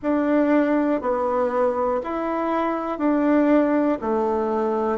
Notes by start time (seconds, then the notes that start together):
0.02 D4
1.00 B3
2.03 E4
2.98 D4
4.00 A3